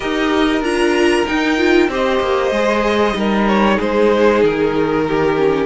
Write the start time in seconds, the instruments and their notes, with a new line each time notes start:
0.00 cello D#4, viola G4, violin A#4 D#5
0.60 cello D4, viola F4, violin A#5
1.26 viola D#4, cello D#4, violin G5
1.57 viola F4
1.88 cello C4, viola G4, violin C5 D#5
2.20 cello A#3
2.51 cello G#3, viola G#4
3.13 cello G3, viola D#4, violin A#4
3.47 violin C#5
3.76 cello G#3, violin G#4 C5
4.43 cello D#3, violin A#4
5.07 violin G4
5.36 viola C#4